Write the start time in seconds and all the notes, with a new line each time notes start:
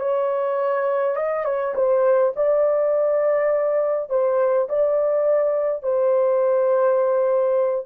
0.00 C#5
1.17 D#5
1.45 C#5
1.75 C5
2.36 D5
4.10 C5
4.69 D5
5.83 C5